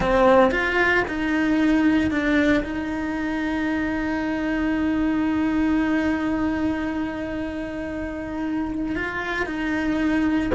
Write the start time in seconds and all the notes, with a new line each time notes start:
0.00 C4
0.51 F4
1.07 D#4
2.11 D4
2.63 D#4
8.95 F4
9.46 D#4